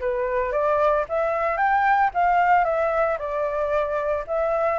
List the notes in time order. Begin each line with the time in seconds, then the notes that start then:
0.00 B4
0.51 D5
1.08 E5
1.57 G5
2.14 F5
2.64 E5
3.18 D5
4.27 E5